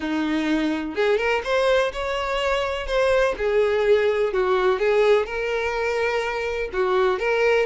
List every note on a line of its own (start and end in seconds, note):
0.00 0.95 D#4
0.95 1.17 G#4
1.17 1.41 A#4
1.44 1.92 C5
1.92 2.87 C#5
2.87 3.35 C5
3.37 4.33 G#4
4.33 4.79 F#4
4.79 5.26 G#4
5.26 6.70 A#4
6.72 7.19 F#4
7.19 7.65 A#4